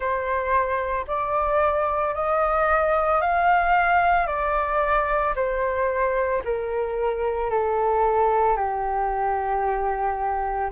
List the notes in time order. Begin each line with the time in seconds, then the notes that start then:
0.00 C5
1.07 D5
2.14 D#5
3.21 F5
4.27 D5
5.35 C5
6.44 A#4
7.50 A4
8.56 G4